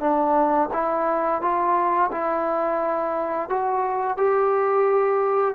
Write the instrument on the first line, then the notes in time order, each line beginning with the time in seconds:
trombone
0.00 D4
0.73 E4
1.41 F4
2.11 E4
3.49 F#4
4.17 G4